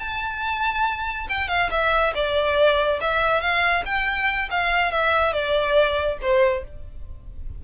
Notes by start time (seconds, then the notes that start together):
0.00 A5
1.29 G5
1.49 F5
1.71 E5
2.15 D5
3.01 E5
3.41 F5
3.85 G5
4.51 F5
4.92 E5
5.33 D5
6.21 C5